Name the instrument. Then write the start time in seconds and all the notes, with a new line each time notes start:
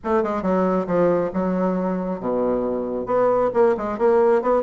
bassoon
0.04 A3
0.23 G#3
0.42 F#3
0.86 F3
1.33 F#3
2.20 B2
3.06 B3
3.53 A#3
3.77 G#3
3.98 A#3
4.42 B3